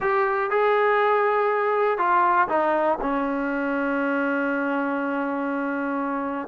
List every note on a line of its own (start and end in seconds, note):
0.00 0.50 G4
0.50 1.98 G#4
1.98 2.48 F4
2.48 2.98 D#4
3.01 6.47 C#4